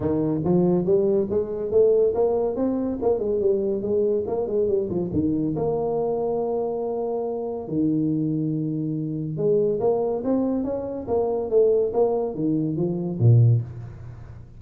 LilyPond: \new Staff \with { instrumentName = "tuba" } { \time 4/4 \tempo 4 = 141 dis4 f4 g4 gis4 | a4 ais4 c'4 ais8 gis8 | g4 gis4 ais8 gis8 g8 f8 | dis4 ais2.~ |
ais2 dis2~ | dis2 gis4 ais4 | c'4 cis'4 ais4 a4 | ais4 dis4 f4 ais,4 | }